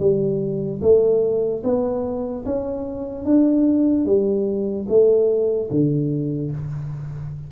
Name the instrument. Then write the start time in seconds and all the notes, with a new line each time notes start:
tuba
0.00 G3
0.82 A3
1.64 B3
2.46 C#4
3.25 D4
4.06 G3
4.89 A3
5.71 D3